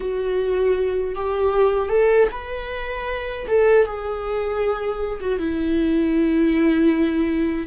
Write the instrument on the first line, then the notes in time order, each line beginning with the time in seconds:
viola
0.00 F#4
1.15 G4
1.89 A4
2.31 B4
3.47 A4
3.85 G#4
5.20 F#4
5.38 E4